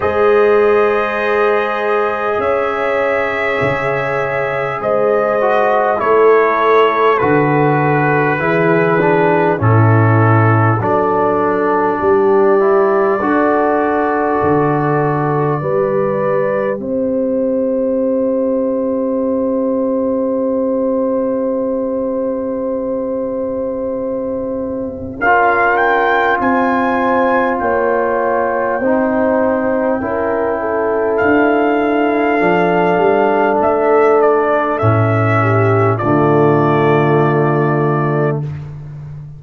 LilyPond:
<<
  \new Staff \with { instrumentName = "trumpet" } { \time 4/4 \tempo 4 = 50 dis''2 e''2 | dis''4 cis''4 b'2 | a'4 d''2.~ | d''2 e''2~ |
e''1~ | e''4 f''8 g''8 gis''4 g''4~ | g''2 f''2 | e''8 d''8 e''4 d''2 | }
  \new Staff \with { instrumentName = "horn" } { \time 4/4 c''2 cis''2 | c''4 a'2 gis'4 | e'4 a'4 g'4 a'4~ | a'4 b'4 c''2~ |
c''1~ | c''4 ais'4 c''4 cis''4 | c''4 ais'8 a'2~ a'8~ | a'4. g'8 f'2 | }
  \new Staff \with { instrumentName = "trombone" } { \time 4/4 gis'1~ | gis'8 fis'8 e'4 fis'4 e'8 d'8 | cis'4 d'4. e'8 fis'4~ | fis'4 g'2.~ |
g'1~ | g'4 f'2. | dis'4 e'2 d'4~ | d'4 cis'4 a2 | }
  \new Staff \with { instrumentName = "tuba" } { \time 4/4 gis2 cis'4 cis4 | gis4 a4 d4 e4 | a,4 fis4 g4 d'4 | d4 g4 c'2~ |
c'1~ | c'4 cis'4 c'4 ais4 | c'4 cis'4 d'4 f8 g8 | a4 a,4 d2 | }
>>